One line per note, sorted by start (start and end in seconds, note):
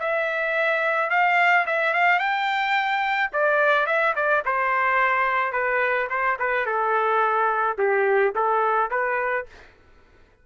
0.00 1.11 E5
1.11 1.66 F5
1.67 1.94 E5
1.94 2.20 F5
2.20 3.31 G5
3.34 3.87 D5
3.87 4.15 E5
4.16 4.44 D5
4.46 5.53 C5
5.53 6.09 B4
6.10 6.38 C5
6.40 6.67 B4
6.67 7.78 A4
7.78 8.34 G4
8.36 8.91 A4
8.91 9.46 B4